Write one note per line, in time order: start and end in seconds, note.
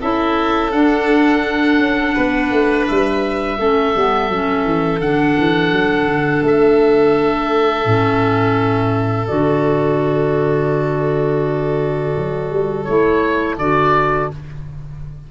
0.00 0.73 C#4
0.00 0.72 E4
0.00 2.14 A4
0.00 0.72 E5
0.72 3.58 D4
0.72 1.79 D4
0.72 2.86 F#5
1.79 2.14 C#4
2.14 2.51 B3
2.14 3.57 B4
2.51 2.86 A3
2.87 3.58 G3
2.87 5.00 E5
3.58 3.94 A3
3.58 3.95 C#4
3.58 14.31 A4
3.95 4.29 G3
3.95 4.31 B3
4.29 4.65 F#3
4.29 5.02 C#4
4.65 5.00 E3
5.00 5.36 D3
5.00 7.85 D4
5.00 6.43 F#5
5.38 5.72 E3
5.72 6.05 F#3
6.05 6.41 D3
6.42 7.85 A3
6.42 9.27 E5
7.85 9.28 A2
7.85 9.28 C#4
9.27 12.16 D3
9.27 12.85 F#4
9.27 12.84 D5
12.17 12.51 F#3
12.51 12.86 G3
12.84 13.58 A3
12.84 13.59 E4
12.84 13.55 C#5
13.58 14.30 D3
13.58 14.31 F#4
13.58 14.30 D5